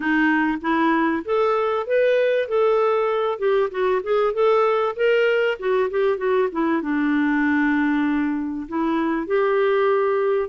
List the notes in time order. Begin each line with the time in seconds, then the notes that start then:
0.00 D#4
0.61 E4
1.25 A4
1.86 B4
2.48 A4
3.39 G4
3.71 F#4
4.03 G#4
4.33 A4
4.96 A#4
5.59 F#4
5.90 G4
6.17 F#4
6.51 E4
6.82 D4
8.68 E4
9.26 G4